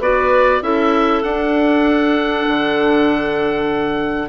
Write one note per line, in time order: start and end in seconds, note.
0.00 0.61 B3
0.00 0.61 F#4
0.00 0.62 B4
0.00 0.63 D5
0.61 1.23 C#4
0.61 1.22 E4
0.61 4.29 A4
0.61 1.23 E5
1.23 2.46 D4
1.23 4.29 D4
1.23 4.29 F#5
2.48 4.29 D3